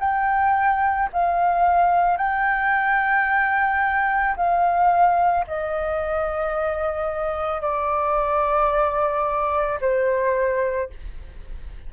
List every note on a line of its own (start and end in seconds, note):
0.00 1.09 G5
1.13 2.17 F5
2.17 4.35 G5
4.36 5.45 F5
5.47 7.61 D#5
7.61 9.79 D5
9.80 10.89 C5